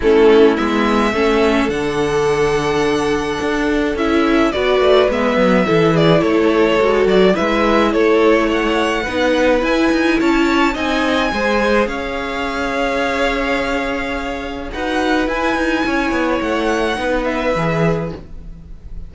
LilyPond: <<
  \new Staff \with { instrumentName = "violin" } { \time 4/4 \tempo 4 = 106 a'4 e''2 fis''4~ | fis''2. e''4 | d''4 e''4. d''8 cis''4~ | cis''8 d''8 e''4 cis''4 fis''4~ |
fis''4 gis''4 a''4 gis''4~ | gis''4 f''2.~ | f''2 fis''4 gis''4~ | gis''4 fis''4. e''4. | }
  \new Staff \with { instrumentName = "violin" } { \time 4/4 e'2 a'2~ | a'1 | b'2 a'8 gis'8 a'4~ | a'4 b'4 a'4 cis''4 |
b'2 cis''4 dis''4 | c''4 cis''2.~ | cis''2 b'2 | cis''2 b'2 | }
  \new Staff \with { instrumentName = "viola" } { \time 4/4 cis'4 b4 cis'4 d'4~ | d'2. e'4 | fis'4 b4 e'2 | fis'4 e'2. |
dis'4 e'2 dis'4 | gis'1~ | gis'2 fis'4 e'4~ | e'2 dis'4 gis'4 | }
  \new Staff \with { instrumentName = "cello" } { \time 4/4 a4 gis4 a4 d4~ | d2 d'4 cis'4 | b8 a8 gis8 fis8 e4 a4 | gis8 fis8 gis4 a2 |
b4 e'8 dis'8 cis'4 c'4 | gis4 cis'2.~ | cis'2 dis'4 e'8 dis'8 | cis'8 b8 a4 b4 e4 | }
>>